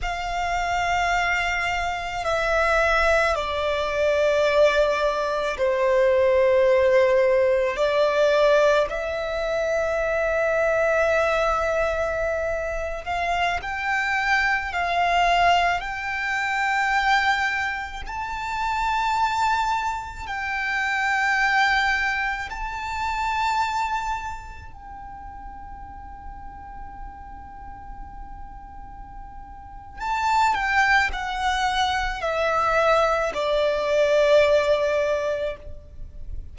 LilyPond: \new Staff \with { instrumentName = "violin" } { \time 4/4 \tempo 4 = 54 f''2 e''4 d''4~ | d''4 c''2 d''4 | e''2.~ e''8. f''16~ | f''16 g''4 f''4 g''4.~ g''16~ |
g''16 a''2 g''4.~ g''16~ | g''16 a''2 g''4.~ g''16~ | g''2. a''8 g''8 | fis''4 e''4 d''2 | }